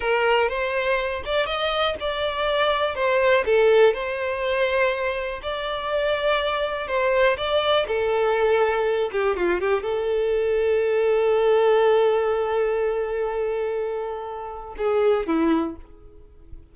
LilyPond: \new Staff \with { instrumentName = "violin" } { \time 4/4 \tempo 4 = 122 ais'4 c''4. d''8 dis''4 | d''2 c''4 a'4 | c''2. d''4~ | d''2 c''4 d''4 |
a'2~ a'8 g'8 f'8 g'8 | a'1~ | a'1~ | a'2 gis'4 e'4 | }